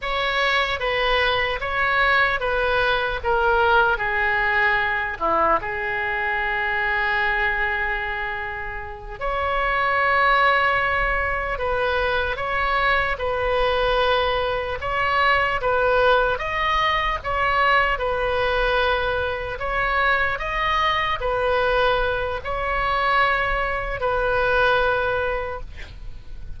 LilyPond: \new Staff \with { instrumentName = "oboe" } { \time 4/4 \tempo 4 = 75 cis''4 b'4 cis''4 b'4 | ais'4 gis'4. e'8 gis'4~ | gis'2.~ gis'8 cis''8~ | cis''2~ cis''8 b'4 cis''8~ |
cis''8 b'2 cis''4 b'8~ | b'8 dis''4 cis''4 b'4.~ | b'8 cis''4 dis''4 b'4. | cis''2 b'2 | }